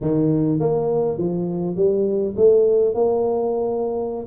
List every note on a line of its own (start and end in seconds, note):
0.01 0.59 D#3
0.59 1.17 A#3
1.17 1.75 F3
1.75 2.34 G3
2.36 2.94 A3
2.94 4.26 A#3